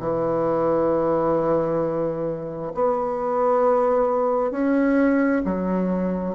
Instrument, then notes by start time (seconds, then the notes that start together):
bassoon
0.00 E3
2.75 B3
4.51 C#4
5.45 F#3